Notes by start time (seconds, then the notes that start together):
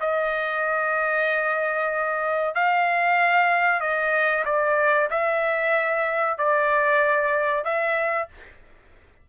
0.00 D#5
2.54 F5
3.80 D#5
4.45 D5
5.10 E5
6.38 D5
7.64 E5